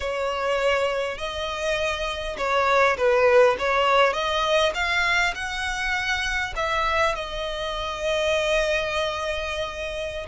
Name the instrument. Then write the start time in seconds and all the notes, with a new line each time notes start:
violin
0.00 C#5
1.18 D#5
2.37 C#5
2.97 B4
3.58 C#5
4.13 D#5
4.74 F5
5.34 F#5
6.55 E5
7.14 D#5